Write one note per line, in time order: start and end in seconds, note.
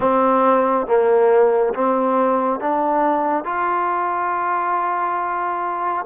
0.00 0.87 C4
0.87 1.74 A#3
1.74 2.59 C4
2.59 3.44 D4
3.44 6.05 F4